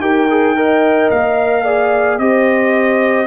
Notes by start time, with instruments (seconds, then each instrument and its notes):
0.00 tuba D#4, trombone G4, horn A#4, trumpet G5
0.30 trombone G#4
0.56 trombone A#4, horn D#5
1.10 tuba A#3, trumpet F5
1.65 trombone G#4, horn D5
2.18 tuba C4, trombone G4, horn C5, trumpet D#5